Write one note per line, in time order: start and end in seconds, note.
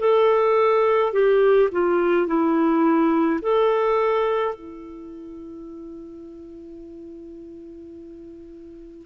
0.00 1.13 A4
1.13 1.69 G4
1.72 2.27 F4
2.27 3.40 E4
3.42 4.55 A4
4.55 9.06 E4